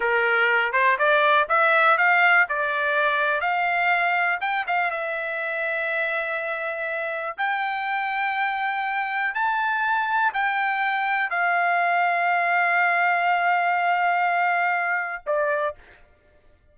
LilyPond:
\new Staff \with { instrumentName = "trumpet" } { \time 4/4 \tempo 4 = 122 ais'4. c''8 d''4 e''4 | f''4 d''2 f''4~ | f''4 g''8 f''8 e''2~ | e''2. g''4~ |
g''2. a''4~ | a''4 g''2 f''4~ | f''1~ | f''2. d''4 | }